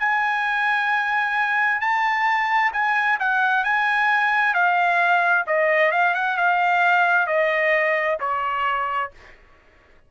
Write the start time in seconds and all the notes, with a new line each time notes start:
0.00 G#5
1.81 A5
2.73 G#5
3.20 F#5
3.64 G#5
4.54 F5
5.47 D#5
5.92 F5
6.15 F#5
6.38 F5
7.27 D#5
8.21 C#5